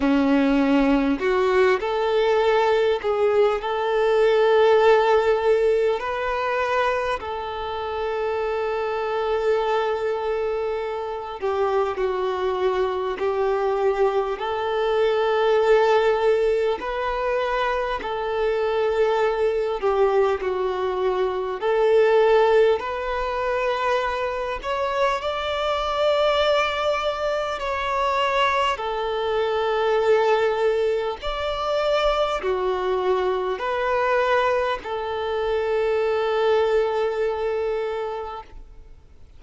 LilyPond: \new Staff \with { instrumentName = "violin" } { \time 4/4 \tempo 4 = 50 cis'4 fis'8 a'4 gis'8 a'4~ | a'4 b'4 a'2~ | a'4. g'8 fis'4 g'4 | a'2 b'4 a'4~ |
a'8 g'8 fis'4 a'4 b'4~ | b'8 cis''8 d''2 cis''4 | a'2 d''4 fis'4 | b'4 a'2. | }